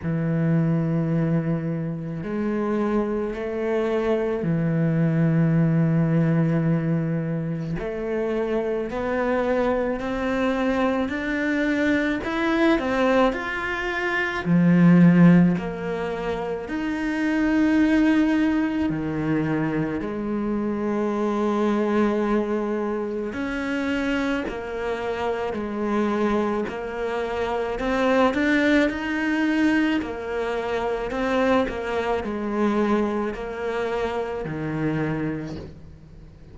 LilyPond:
\new Staff \with { instrumentName = "cello" } { \time 4/4 \tempo 4 = 54 e2 gis4 a4 | e2. a4 | b4 c'4 d'4 e'8 c'8 | f'4 f4 ais4 dis'4~ |
dis'4 dis4 gis2~ | gis4 cis'4 ais4 gis4 | ais4 c'8 d'8 dis'4 ais4 | c'8 ais8 gis4 ais4 dis4 | }